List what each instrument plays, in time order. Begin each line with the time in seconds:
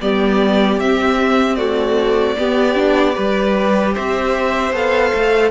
0.00 cello G3, viola B3, violin G4 D5
0.78 cello C4, viola C4, violin E5
1.55 viola A3, violin F#4 D5
2.36 viola B3, cello B3, violin G4
2.74 viola D4
3.15 cello G3, viola G4, violin B4
3.93 cello C4, violin C5 E5
4.72 cello B3, viola A4, violin F5
5.14 cello A3